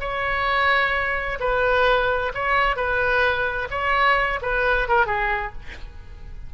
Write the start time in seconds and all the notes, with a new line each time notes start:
0.00 C#5
1.40 B4
2.34 C#5
2.76 B4
3.70 C#5
4.42 B4
4.88 A#4
5.06 G#4